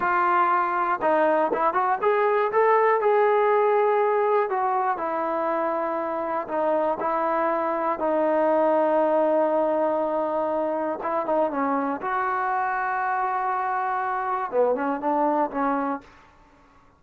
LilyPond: \new Staff \with { instrumentName = "trombone" } { \time 4/4 \tempo 4 = 120 f'2 dis'4 e'8 fis'8 | gis'4 a'4 gis'2~ | gis'4 fis'4 e'2~ | e'4 dis'4 e'2 |
dis'1~ | dis'2 e'8 dis'8 cis'4 | fis'1~ | fis'4 b8 cis'8 d'4 cis'4 | }